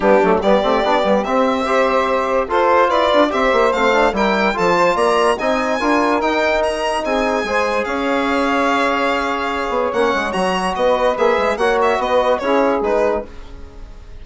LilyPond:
<<
  \new Staff \with { instrumentName = "violin" } { \time 4/4 \tempo 4 = 145 g'4 d''2 e''4~ | e''2 c''4 d''4 | e''4 f''4 g''4 a''4 | ais''4 gis''2 g''4 |
ais''4 gis''2 f''4~ | f''1 | fis''4 ais''4 dis''4 e''4 | fis''8 e''8 dis''4 cis''4 b'4 | }
  \new Staff \with { instrumentName = "saxophone" } { \time 4/4 d'4 g'2. | c''2 a'4 b'4 | c''2 ais'4 a'8 c''8 | d''4 dis''4 ais'2~ |
ais'4 gis'4 c''4 cis''4~ | cis''1~ | cis''2 b'2 | cis''4 b'4 gis'2 | }
  \new Staff \with { instrumentName = "trombone" } { \time 4/4 b8 a8 b8 c'8 d'8 b8 c'4 | g'2 f'2 | g'4 c'8 d'8 e'4 f'4~ | f'4 dis'4 f'4 dis'4~ |
dis'2 gis'2~ | gis'1 | cis'4 fis'2 gis'4 | fis'2 e'4 dis'4 | }
  \new Staff \with { instrumentName = "bassoon" } { \time 4/4 g8 fis8 g8 a8 b8 g8 c'4~ | c'2 f'4 e'8 d'8 | c'8 ais8 a4 g4 f4 | ais4 c'4 d'4 dis'4~ |
dis'4 c'4 gis4 cis'4~ | cis'2.~ cis'8 b8 | ais8 gis8 fis4 b4 ais8 gis8 | ais4 b4 cis'4 gis4 | }
>>